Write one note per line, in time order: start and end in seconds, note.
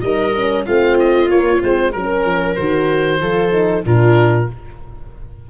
0.00 0.65 G3
0.00 0.33 D#4
0.00 0.65 A#4
0.00 0.64 D#5
0.36 0.66 C#4
0.65 1.29 A3
0.65 1.28 C4
0.65 1.92 F4
0.65 0.97 F5
0.99 1.30 D#5
1.28 1.59 A#3
1.28 1.61 A#3
1.28 1.61 C#5
1.61 1.94 G#3
1.61 1.93 C4
1.61 1.91 C5
1.91 2.24 F#3
1.91 2.57 C#4
1.91 2.54 A#4
1.91 3.20 A#4
2.24 2.56 F3
2.54 3.20 D#3
2.54 3.20 F#4
2.54 3.82 C5
3.20 3.84 F3
3.20 3.51 F4
3.20 3.84 A4
3.51 3.83 D#4
3.83 4.49 A#2
3.83 4.47 D4
3.83 4.49 F4
3.83 4.50 A#4